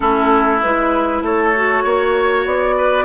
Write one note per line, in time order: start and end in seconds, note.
0.00 0.62 A3
0.00 0.61 C#4
0.00 1.23 E4
0.00 0.60 A4
0.62 1.21 G#3
0.62 1.55 E4
0.62 1.23 B4
1.21 1.82 A3
1.21 1.84 A4
1.21 2.47 C#5
1.55 3.04 F#4
1.84 2.45 A#3
1.84 2.75 C#5
2.45 3.04 B3
2.45 3.04 D5
2.77 3.04 B4